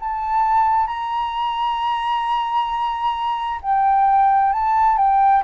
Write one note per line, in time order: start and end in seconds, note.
0.00 0.87 A5
0.87 3.60 A#5
3.62 4.53 G5
4.53 4.98 A5
4.98 5.43 G5